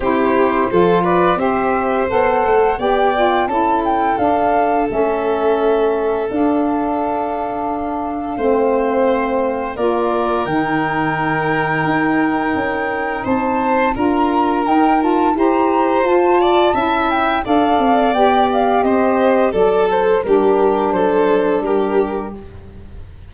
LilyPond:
<<
  \new Staff \with { instrumentName = "flute" } { \time 4/4 \tempo 4 = 86 c''4. d''8 e''4 fis''4 | g''4 a''8 g''8 f''4 e''4~ | e''4 f''2.~ | f''2 d''4 g''4~ |
g''2. a''4 | ais''4 g''8 a''8 ais''4 a''4~ | a''8 g''8 f''4 g''8 f''8 dis''4 | d''8 c''8 ais'4 c''4 ais'4 | }
  \new Staff \with { instrumentName = "violin" } { \time 4/4 g'4 a'8 b'8 c''2 | d''4 a'2.~ | a'1 | c''2 ais'2~ |
ais'2. c''4 | ais'2 c''4. d''8 | e''4 d''2 c''4 | a'4 g'4 a'4 g'4 | }
  \new Staff \with { instrumentName = "saxophone" } { \time 4/4 e'4 f'4 g'4 a'4 | g'8 f'8 e'4 d'4 cis'4~ | cis'4 d'2. | c'2 f'4 dis'4~ |
dis'1 | f'4 dis'8 f'8 g'4 f'4 | e'4 a'4 g'2 | a'4 d'2. | }
  \new Staff \with { instrumentName = "tuba" } { \time 4/4 c'4 f4 c'4 b8 a8 | b4 cis'4 d'4 a4~ | a4 d'2. | a2 ais4 dis4~ |
dis4 dis'4 cis'4 c'4 | d'4 dis'4 e'4 f'4 | cis'4 d'8 c'8 b4 c'4 | fis4 g4 fis4 g4 | }
>>